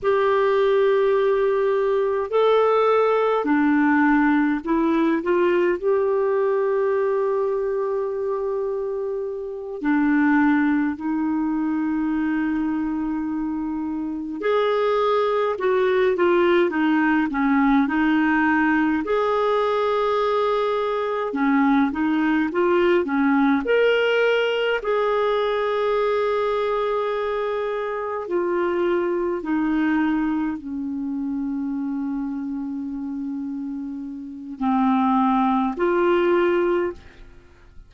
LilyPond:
\new Staff \with { instrumentName = "clarinet" } { \time 4/4 \tempo 4 = 52 g'2 a'4 d'4 | e'8 f'8 g'2.~ | g'8 d'4 dis'2~ dis'8~ | dis'8 gis'4 fis'8 f'8 dis'8 cis'8 dis'8~ |
dis'8 gis'2 cis'8 dis'8 f'8 | cis'8 ais'4 gis'2~ gis'8~ | gis'8 f'4 dis'4 cis'4.~ | cis'2 c'4 f'4 | }